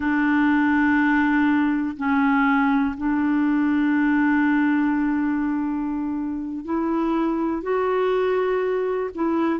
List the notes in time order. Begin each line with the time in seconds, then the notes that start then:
0.00 D4
1.96 C#4
2.97 D4
6.64 E4
7.62 F#4
9.15 E4